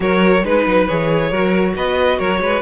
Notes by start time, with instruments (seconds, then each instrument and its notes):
0.00 cello F#3, viola F#4, violin A#4 C#5
0.43 cello G#3, viola D#4, violin B4
0.66 cello F#3
0.87 cello E3, viola G#4, violin C#5
1.29 cello F#3, viola F#4, violin A#4
1.75 cello B3, violin B4 D#5
2.18 cello F#3, violin A#4 C#5
2.40 cello G#3, violin B4